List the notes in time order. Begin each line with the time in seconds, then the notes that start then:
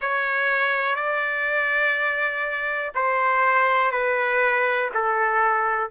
0.00 C#5
0.95 D5
2.94 C5
3.91 B4
4.94 A4